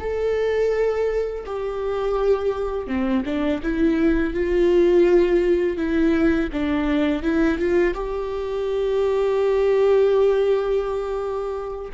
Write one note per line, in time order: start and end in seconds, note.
0.00 1.45 A4
1.46 2.87 G4
2.87 3.23 C4
3.25 3.61 D4
3.63 4.34 E4
4.34 5.77 F4
5.77 6.49 E4
6.53 7.23 D4
7.23 7.59 E4
7.59 7.94 F4
7.94 11.92 G4